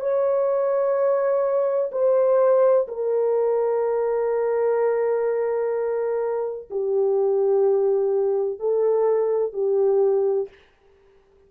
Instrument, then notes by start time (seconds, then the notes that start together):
horn
0.00 C#5
1.92 C5
2.87 A#4
6.70 G4
8.59 A4
9.53 G4